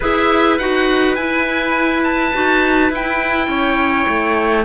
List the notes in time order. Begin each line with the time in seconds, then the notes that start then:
0.00 E4 G#4 B4 E5
0.58 D#4 F#4 F#5
1.15 E4 G#5
2.03 A5
2.33 D#4 F#4
2.90 E4 G5
3.47 C#4 C#5
4.08 A3